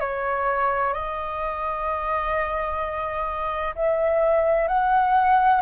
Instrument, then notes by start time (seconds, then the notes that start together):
flute
0.00 C#5
0.93 D#5
3.75 E5
4.67 F#5